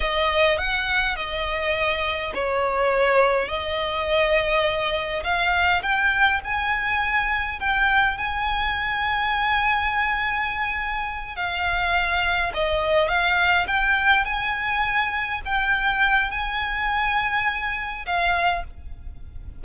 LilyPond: \new Staff \with { instrumentName = "violin" } { \time 4/4 \tempo 4 = 103 dis''4 fis''4 dis''2 | cis''2 dis''2~ | dis''4 f''4 g''4 gis''4~ | gis''4 g''4 gis''2~ |
gis''2.~ gis''8 f''8~ | f''4. dis''4 f''4 g''8~ | g''8 gis''2 g''4. | gis''2. f''4 | }